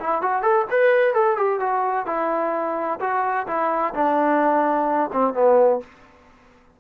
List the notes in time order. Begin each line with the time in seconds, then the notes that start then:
0.00 E4
0.22 F#4
0.42 A4
0.70 B4
1.14 A4
1.37 G4
1.60 F#4
2.06 E4
3.00 F#4
3.47 E4
3.94 D4
5.12 C4
5.34 B3